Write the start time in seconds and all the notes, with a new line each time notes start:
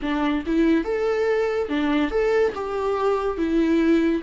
0.02 D4
0.46 E4
0.84 A4
1.68 D4
2.10 A4
2.54 G4
3.37 E4